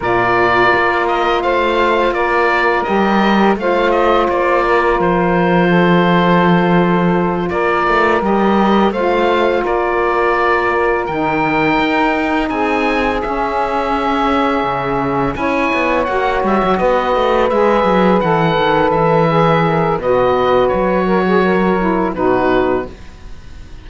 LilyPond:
<<
  \new Staff \with { instrumentName = "oboe" } { \time 4/4 \tempo 4 = 84 d''4. dis''8 f''4 d''4 | dis''4 f''8 dis''8 d''4 c''4~ | c''2~ c''8 d''4 dis''8~ | dis''8 f''4 d''2 g''8~ |
g''4. gis''4 e''4.~ | e''4. gis''4 fis''8 e''8 dis''8~ | dis''8 e''4 fis''4 e''4. | dis''4 cis''2 b'4 | }
  \new Staff \with { instrumentName = "saxophone" } { \time 4/4 ais'2 c''4 ais'4~ | ais'4 c''4. ais'4. | a'2~ a'8 ais'4.~ | ais'8 c''4 ais'2~ ais'8~ |
ais'4. gis'2~ gis'8~ | gis'4. cis''2 b'8~ | b'2.~ b'8 ais'8 | b'4. ais'16 gis'16 ais'4 fis'4 | }
  \new Staff \with { instrumentName = "saxophone" } { \time 4/4 f'1 | g'4 f'2.~ | f'2.~ f'8 g'8~ | g'8 f'2. dis'8~ |
dis'2~ dis'8 cis'4.~ | cis'4. e'4 fis'4.~ | fis'8 gis'4 a'4. gis'4 | fis'2~ fis'8 e'8 dis'4 | }
  \new Staff \with { instrumentName = "cello" } { \time 4/4 ais,4 ais4 a4 ais4 | g4 a4 ais4 f4~ | f2~ f8 ais8 a8 g8~ | g8 a4 ais2 dis8~ |
dis8 dis'4 c'4 cis'4.~ | cis'8 cis4 cis'8 b8 ais8 g16 fis16 b8 | a8 gis8 fis8 e8 dis8 e4. | b,4 fis2 b,4 | }
>>